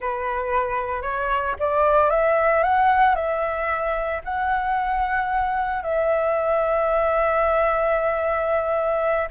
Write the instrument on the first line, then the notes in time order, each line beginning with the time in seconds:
flute
0.00 B4
1.02 C#5
1.59 D5
2.10 E5
2.63 F#5
3.15 E5
4.24 F#5
5.82 E5